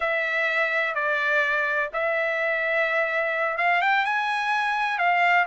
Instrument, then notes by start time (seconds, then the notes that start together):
trumpet
0.00 E5
0.94 D5
1.93 E5
3.57 F5
3.81 G5
4.05 G#5
4.98 F5